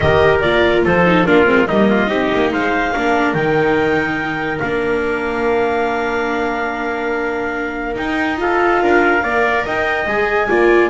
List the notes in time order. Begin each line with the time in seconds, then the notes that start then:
0.00 D#3 G4 A#4 D#5
0.40 A#3 F4 D5
0.84 F3 A4 C5
1.05 D#4
1.25 A#3 D4 F4 A#4
1.45 G#3 C4
1.67 G3 A#3 D#4 D#5
1.90 F4
2.06 C4 D#4 G4
2.34 A#3
2.52 G#3 C5 F5
2.93 A#3 D4 A#4
3.33 D#3 D#4 G5
4.59 A#3 D4 F5
7.95 D#4 G5
8.37 F4 A4 F5
8.82 D4 A#4
9.22 A#3 A#4 D5
9.64 D#4 D#5 G5
10.06 G#3 G#4 G#5
10.49 A#3 F4 D5